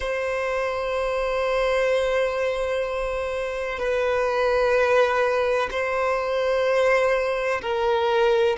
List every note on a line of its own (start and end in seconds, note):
0.00 3.78 C5
3.78 5.69 B4
5.71 7.61 C5
7.61 8.57 A#4